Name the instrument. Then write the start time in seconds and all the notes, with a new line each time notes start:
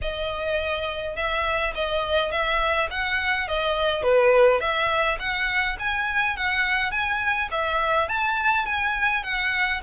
violin
0.01 D#5
1.16 E5
1.75 D#5
2.31 E5
2.90 F#5
3.48 D#5
4.02 B4
4.60 E5
5.19 F#5
5.78 G#5
6.36 F#5
6.91 G#5
7.51 E5
8.08 A5
8.65 G#5
9.23 F#5